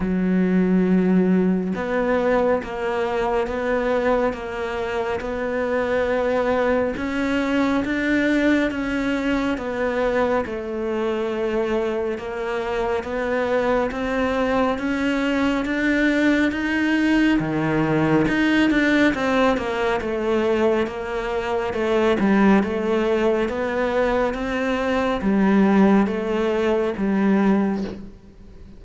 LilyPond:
\new Staff \with { instrumentName = "cello" } { \time 4/4 \tempo 4 = 69 fis2 b4 ais4 | b4 ais4 b2 | cis'4 d'4 cis'4 b4 | a2 ais4 b4 |
c'4 cis'4 d'4 dis'4 | dis4 dis'8 d'8 c'8 ais8 a4 | ais4 a8 g8 a4 b4 | c'4 g4 a4 g4 | }